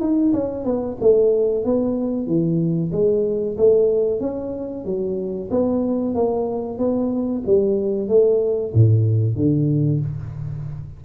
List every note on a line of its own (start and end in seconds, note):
0.00 0.32 D#4
0.33 0.65 C#4
0.65 0.97 B3
1.01 1.64 A3
1.64 2.27 B3
2.27 2.91 E3
2.92 3.56 G#3
3.57 4.20 A3
4.20 4.85 C#4
4.85 5.49 F#3
5.50 6.15 B3
6.15 6.78 A#3
6.78 7.43 B3
7.46 8.08 G3
8.08 8.73 A3
8.74 9.36 A2
9.36 10.00 D3